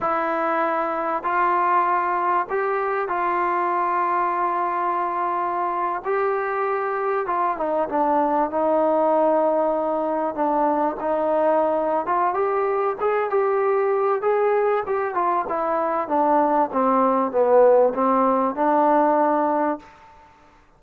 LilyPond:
\new Staff \with { instrumentName = "trombone" } { \time 4/4 \tempo 4 = 97 e'2 f'2 | g'4 f'2.~ | f'4.~ f'16 g'2 f'16~ | f'16 dis'8 d'4 dis'2~ dis'16~ |
dis'8. d'4 dis'4.~ dis'16 f'8 | g'4 gis'8 g'4. gis'4 | g'8 f'8 e'4 d'4 c'4 | b4 c'4 d'2 | }